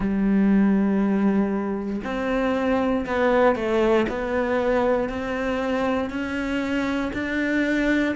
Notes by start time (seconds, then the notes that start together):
0.00 G3
2.03 C4
3.06 B3
3.55 A3
4.08 B3
5.09 C4
6.10 C#4
7.13 D4